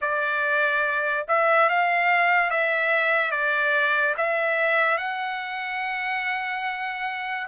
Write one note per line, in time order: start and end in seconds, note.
0.01 1.26 D5
1.28 1.69 E5
1.69 2.50 F5
2.50 3.31 E5
3.31 4.14 D5
4.17 4.97 E5
4.97 7.47 F#5